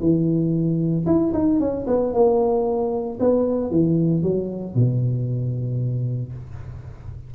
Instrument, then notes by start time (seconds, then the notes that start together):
tuba
0.00 E3
1.06 E4
1.33 D#4
1.60 C#4
1.87 B3
2.13 A#3
3.19 B3
3.70 E3
4.22 F#3
4.74 B2